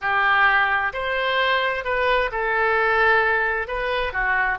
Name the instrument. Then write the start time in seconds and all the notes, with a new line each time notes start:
oboe
0.01 G4
0.93 C5
1.84 B4
2.31 A4
3.67 B4
4.12 F#4